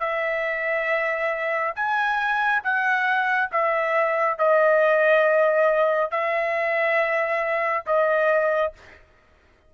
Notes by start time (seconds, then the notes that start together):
0.00 E5
1.75 G#5
2.64 F#5
3.52 E5
4.38 D#5
6.11 E5
7.87 D#5